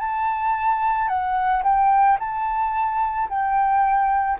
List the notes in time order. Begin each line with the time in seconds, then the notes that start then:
0.00 A5
1.09 F#5
1.64 G5
2.20 A5
3.30 G5